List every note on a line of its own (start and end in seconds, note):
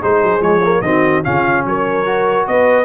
0.00 0.23 G#3
0.00 0.42 D#4
0.00 0.82 G#4
0.00 0.43 C5
0.23 0.41 F#3
0.41 0.82 F3
0.41 0.62 G#3
0.41 0.82 C#5
0.63 0.83 A#3
0.82 1.23 D#3
0.82 1.24 C4
0.82 1.24 F#4
0.82 1.23 D#5
1.24 1.65 C#3
1.24 2.06 C#4
1.24 1.65 F4
1.24 1.65 F5
1.65 2.47 F#3
1.65 2.48 A#4
1.65 2.47 C#5
2.06 2.85 F#4
2.47 2.85 B3
2.47 2.85 B4
2.47 2.85 D#5